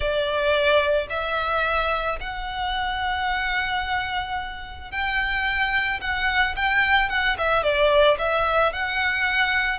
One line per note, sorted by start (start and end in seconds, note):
0.00 1.07 D5
1.09 2.18 E5
2.20 4.91 F#5
4.91 6.00 G5
6.00 6.55 F#5
6.56 7.09 G5
7.09 7.36 F#5
7.38 7.63 E5
7.63 8.17 D5
8.18 8.72 E5
8.72 9.78 F#5